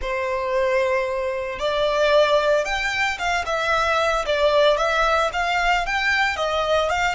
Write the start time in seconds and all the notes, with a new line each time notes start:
0.01 C5
1.59 D5
2.65 G5
3.18 F5
3.45 E5
4.26 D5
4.77 E5
5.32 F5
5.86 G5
6.36 D#5
6.89 F5